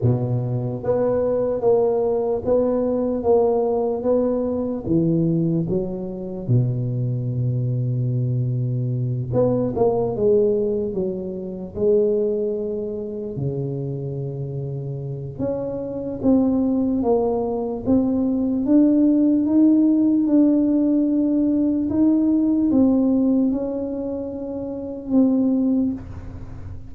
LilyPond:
\new Staff \with { instrumentName = "tuba" } { \time 4/4 \tempo 4 = 74 b,4 b4 ais4 b4 | ais4 b4 e4 fis4 | b,2.~ b,8 b8 | ais8 gis4 fis4 gis4.~ |
gis8 cis2~ cis8 cis'4 | c'4 ais4 c'4 d'4 | dis'4 d'2 dis'4 | c'4 cis'2 c'4 | }